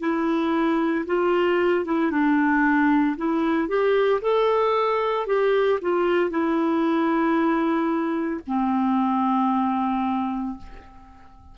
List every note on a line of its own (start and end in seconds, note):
0.00 1.05 E4
1.06 1.85 F4
1.86 2.11 E4
2.11 3.17 D4
3.17 3.68 E4
3.68 4.21 G4
4.22 5.27 A4
5.27 5.79 G4
5.81 6.30 F4
6.30 8.41 E4
8.47 10.58 C4